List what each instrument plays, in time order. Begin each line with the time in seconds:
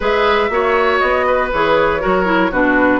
0.00 bassoon G#3, clarinet G#4, oboe B4, flute E5
0.49 bassoon A#3, clarinet F#4, oboe C#5
0.98 bassoon B3, flute D#5
1.26 oboe B4
1.52 bassoon E3, clarinet G#4, flute C#5
2.00 bassoon F#3, clarinet F#4, oboe A#4
2.25 clarinet E4
2.51 bassoon B2, clarinet D4, oboe F#4, flute B4